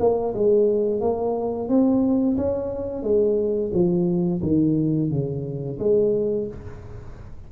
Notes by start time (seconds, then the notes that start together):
0.00 A#3
0.34 G#3
1.01 A#3
1.69 C4
2.37 C#4
3.03 G#3
3.74 F3
4.43 D#3
5.11 C#3
5.80 G#3